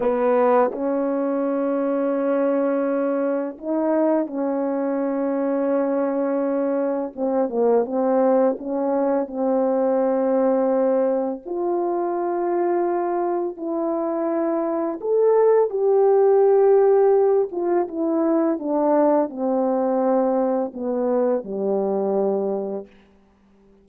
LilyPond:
\new Staff \with { instrumentName = "horn" } { \time 4/4 \tempo 4 = 84 b4 cis'2.~ | cis'4 dis'4 cis'2~ | cis'2 c'8 ais8 c'4 | cis'4 c'2. |
f'2. e'4~ | e'4 a'4 g'2~ | g'8 f'8 e'4 d'4 c'4~ | c'4 b4 g2 | }